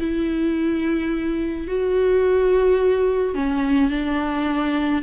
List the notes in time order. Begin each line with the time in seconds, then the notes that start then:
0.00 E4
1.68 F#4
3.35 C#4
3.91 D4